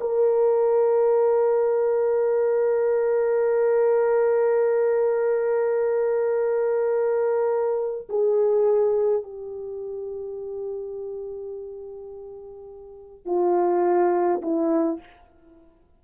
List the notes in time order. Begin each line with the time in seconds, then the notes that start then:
0.00 A#4
8.09 G#4
9.23 G4
13.25 F4
14.42 E4